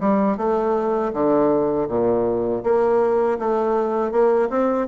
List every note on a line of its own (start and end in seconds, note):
0.00 0.38 G3
0.38 1.12 A3
1.13 1.88 D3
1.89 2.64 A#2
2.64 3.39 A#3
3.39 4.11 A3
4.11 4.49 A#3
4.50 4.88 C4